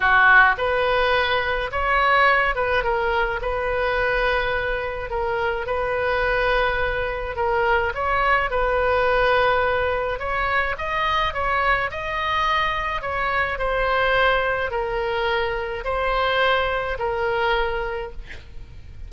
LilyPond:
\new Staff \with { instrumentName = "oboe" } { \time 4/4 \tempo 4 = 106 fis'4 b'2 cis''4~ | cis''8 b'8 ais'4 b'2~ | b'4 ais'4 b'2~ | b'4 ais'4 cis''4 b'4~ |
b'2 cis''4 dis''4 | cis''4 dis''2 cis''4 | c''2 ais'2 | c''2 ais'2 | }